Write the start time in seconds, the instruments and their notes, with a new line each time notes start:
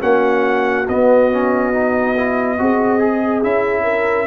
0.00 tuba A#3, trombone C#4, horn F#4, trumpet F#5
0.88 tuba B3, trombone B3, trumpet D#5
1.31 trombone C#4
1.73 trombone D#4
2.17 trombone E4
2.59 tuba C4, trombone F#4, horn G#4
2.99 trombone G#4
3.43 tuba C#4, trombone E4, trumpet E5
3.83 horn A#4